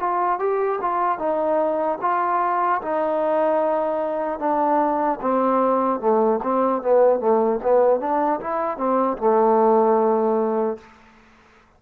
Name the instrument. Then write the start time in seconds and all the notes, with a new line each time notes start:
trombone
0.00 F4
0.39 G4
0.81 F4
1.19 D#4
2.01 F4
2.82 D#4
4.40 D4
5.21 C4
6.00 A3
6.43 C4
6.83 B3
7.20 A3
7.63 B3
8.00 D4
8.41 E4
8.77 C4
9.18 A3